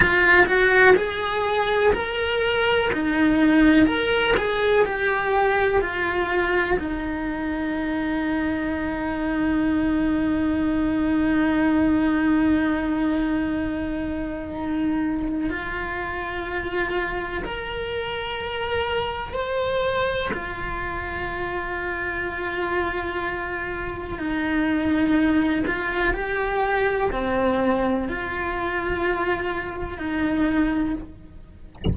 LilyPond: \new Staff \with { instrumentName = "cello" } { \time 4/4 \tempo 4 = 62 f'8 fis'8 gis'4 ais'4 dis'4 | ais'8 gis'8 g'4 f'4 dis'4~ | dis'1~ | dis'1 |
f'2 ais'2 | c''4 f'2.~ | f'4 dis'4. f'8 g'4 | c'4 f'2 dis'4 | }